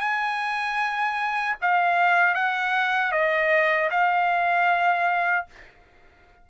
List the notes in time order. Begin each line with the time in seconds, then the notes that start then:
0.00 G#5
1.62 F5
2.35 F#5
3.12 D#5
3.90 F5